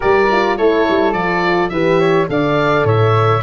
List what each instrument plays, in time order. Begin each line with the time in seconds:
0.00 tuba G3, horn G4, flute A#4, oboe D5
0.31 horn F4
0.57 tuba A3, horn E4, flute A4, oboe C#5
0.89 tuba G3
1.12 tuba F3, horn F4, oboe D5
1.69 tuba E3, horn G4, flute B4, oboe E5
1.99 flute C#5
2.27 tuba D3, horn A4, flute D5, oboe F5
2.84 tuba A2, flute C#5, oboe E5